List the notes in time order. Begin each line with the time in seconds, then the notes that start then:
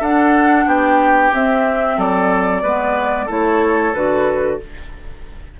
0.00 D4 A4 F#5
0.66 B3 G4 G5
1.33 C4 E5
1.97 F#3 A4 D5
2.62 G#3 B3 B4
3.26 A3 E4 A4 C#5
3.94 D3 F#4 B4